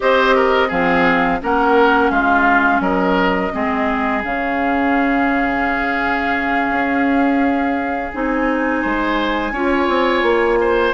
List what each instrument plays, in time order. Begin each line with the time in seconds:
0.00 bassoon C4, clarinet G4, oboe C5, flute D#5
0.35 oboe A#4
0.68 bassoon F3, clarinet C4, oboe G#4, flute F5
1.41 bassoon A#3, clarinet C#4, oboe A#4, flute F#5
2.10 bassoon G#3, oboe F4, flute F5
2.79 bassoon F#3, oboe A#4, flute D#5
3.52 bassoon G#3, clarinet C4, oboe G#4
4.23 bassoon C#3, clarinet C#4, flute F5
6.70 bassoon C#4
8.12 bassoon C4, clarinet D#4, flute G#5
8.81 bassoon G#3, oboe C5
9.51 bassoon C#4, clarinet F4, oboe C#5
9.88 bassoon C4
10.22 bassoon A#3
10.60 oboe C5